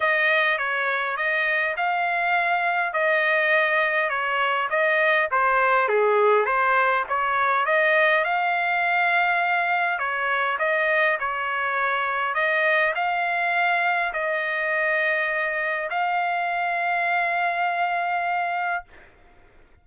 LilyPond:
\new Staff \with { instrumentName = "trumpet" } { \time 4/4 \tempo 4 = 102 dis''4 cis''4 dis''4 f''4~ | f''4 dis''2 cis''4 | dis''4 c''4 gis'4 c''4 | cis''4 dis''4 f''2~ |
f''4 cis''4 dis''4 cis''4~ | cis''4 dis''4 f''2 | dis''2. f''4~ | f''1 | }